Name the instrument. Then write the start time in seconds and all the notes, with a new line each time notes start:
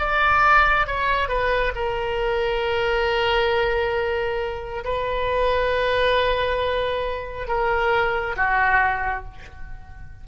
oboe
0.00 D5
0.87 C#5
1.29 B4
1.76 A#4
4.85 B4
7.48 A#4
8.37 F#4